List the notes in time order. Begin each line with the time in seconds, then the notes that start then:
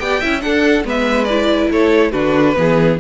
0.00 B3 G4 D5 G5
0.21 C#4 E4 E5
0.41 D4 A4 F#5
0.84 G#3 B3 B4 E5
1.25 E4 D5
1.71 A3 A4 C#5
2.12 D3 D4 F#4 B4
2.56 E3 B3 G#4